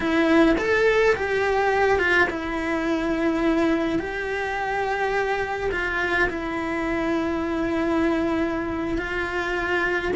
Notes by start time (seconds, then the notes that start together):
0.00 E4
0.58 A4
1.15 G4
1.98 F4
2.29 E4
3.99 G4
5.71 F4
6.29 E4
8.98 F4